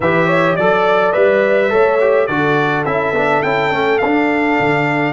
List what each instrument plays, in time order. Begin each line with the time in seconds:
0.00 tuba E3, trombone G4, horn B4, trumpet E5
0.26 horn C#5
0.55 tuba F#3, trombone A4, horn D5, trumpet D5
1.12 tuba G3, trombone B4, trumpet E5
1.70 tuba A3, trombone A4, horn C#5
2.00 trombone G4
2.26 tuba D3, trombone F#4, horn A4, trumpet D5
2.85 tuba C#4, trombone E4, trumpet E5
3.12 tuba B3, trombone D4
3.42 tuba C#4, trombone E4, trumpet G5
3.71 tuba A3, trombone C#4
3.98 tuba D4, trumpet F5
4.05 trombone D4
4.59 tuba D3